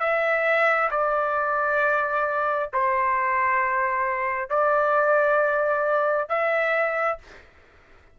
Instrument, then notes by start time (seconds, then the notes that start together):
trumpet
0.00 E5
0.91 D5
2.73 C5
4.50 D5
6.28 E5